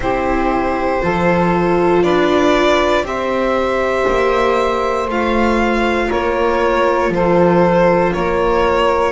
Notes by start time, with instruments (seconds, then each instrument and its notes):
0.00 double bass C4, viola E4, saxophone G4, violin C5
1.01 double bass F3, viola F4, saxophone A4
2.03 double bass D4, saxophone B4, violin D5
3.03 double bass C4, viola G4, saxophone C5, violin E5
4.08 double bass A#3
5.07 double bass A3, viola F4, violin F5
6.08 double bass A#3, saxophone A#4, violin C#5
7.09 double bass F3, saxophone A4, violin C5
8.12 double bass A#3, saxophone A#4, violin C#5